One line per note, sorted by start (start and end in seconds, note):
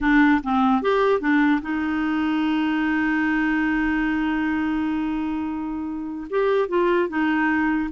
0.00 0.41 D4
0.43 0.82 C4
0.82 1.20 G4
1.20 1.60 D4
1.61 6.27 D#4
6.29 6.68 G4
6.68 7.08 F4
7.08 7.89 D#4